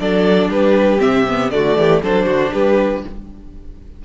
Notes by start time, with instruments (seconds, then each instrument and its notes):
0.00 cello F#3, viola D4, violin A4 D5
0.49 cello G3, violin G4 B4
0.99 cello C3, viola C4, violin E5
1.28 viola B3
1.51 cello D3, viola A3, violin F#4 D5
1.76 cello E3, violin G4
2.03 cello F#3, viola D4, violin A4 C5
2.26 cello D3, violin F#4
2.52 cello G3, violin G4 B4